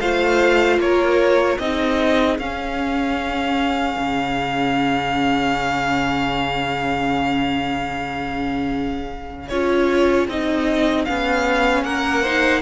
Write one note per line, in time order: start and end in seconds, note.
0.00 0.79 A3
0.00 1.60 F4
0.00 0.80 C5
0.00 0.79 F5
0.79 1.58 A#3
0.79 1.61 A#4
0.79 1.58 C#5
1.58 2.38 C4
1.58 2.40 D#4
1.58 11.86 G#4
1.58 2.37 D#5
2.38 3.96 C#4
2.38 9.50 C#4
2.38 9.48 F5
3.98 9.51 C#3
9.48 10.28 C#4
9.48 10.29 F4
9.48 10.27 C#5
10.28 11.07 C4
10.28 11.07 D#4
10.28 11.05 D#5
11.05 11.83 B3
11.05 12.25 C#4
11.05 11.84 F5
11.83 12.62 A#3
11.83 12.23 A#4
11.83 12.62 F#5
12.23 12.62 D#4
12.23 12.62 C5